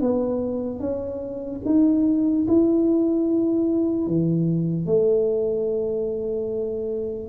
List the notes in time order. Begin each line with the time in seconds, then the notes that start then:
0.00 B3
0.80 C#4
1.65 D#4
2.48 E4
4.07 E3
4.86 A3